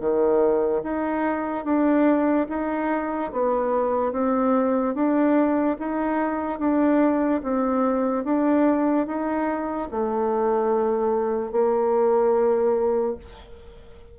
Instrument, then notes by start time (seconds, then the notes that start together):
bassoon
0.00 D#3
0.83 D#4
1.64 D4
2.49 D#4
3.32 B3
4.12 C4
4.94 D4
5.79 D#4
6.59 D4
7.43 C4
8.24 D4
9.06 D#4
9.91 A3
11.51 A#3